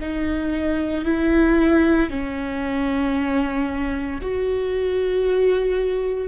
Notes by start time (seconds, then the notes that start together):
0.00 D#4
1.05 E4
2.11 C#4
4.21 F#4